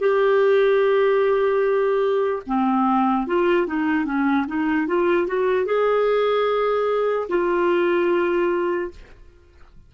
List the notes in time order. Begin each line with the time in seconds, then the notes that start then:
0.00 G4
2.47 C4
3.27 F4
3.67 D#4
4.06 C#4
4.47 D#4
4.88 F4
5.28 F#4
5.66 G#4
7.29 F4